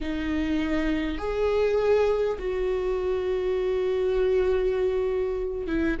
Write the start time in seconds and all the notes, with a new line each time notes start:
0.01 D#4
1.18 G#4
2.38 F#4
5.67 E4